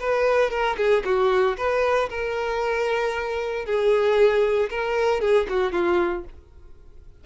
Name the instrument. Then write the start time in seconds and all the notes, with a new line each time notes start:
violin
0.00 B4
0.50 A#4
0.77 G#4
1.05 F#4
1.57 B4
2.10 A#4
3.65 G#4
4.70 A#4
5.21 G#4
5.49 F#4
5.72 F4